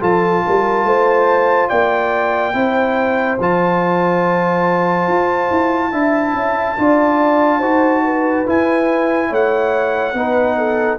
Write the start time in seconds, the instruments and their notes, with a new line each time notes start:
0.00 tuba F3, trombone F4, horn A4, trumpet A5
0.46 tuba G3, horn A#4
0.84 tuba A3, horn C5
1.69 tuba A#3, horn D5, trumpet G5
2.53 tuba C4, trombone E4, horn C5
3.39 tuba F3, trombone F4, trumpet A5
5.07 tuba F4
5.50 tuba E4
5.91 tuba D4, trombone E4, horn E5
6.33 tuba C#4
6.77 tuba D4, trombone F4, horn D5
7.58 tuba D#4, trombone F#4, horn C5
8.04 horn B4
8.46 trombone E4, tuba E4, trumpet G#5
9.29 tuba A3, horn C#5, trumpet F#5
10.13 tuba B3, trombone D#4, horn B4
10.57 horn A4